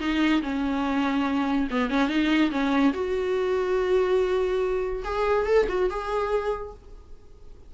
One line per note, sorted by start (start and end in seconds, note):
0.00 0.42 D#4
0.42 1.68 C#4
1.71 1.90 B3
1.90 2.09 C#4
2.09 2.51 D#4
2.51 2.93 C#4
2.94 5.03 F#4
5.05 5.46 G#4
5.46 5.67 A4
5.69 5.90 F#4
5.90 6.74 G#4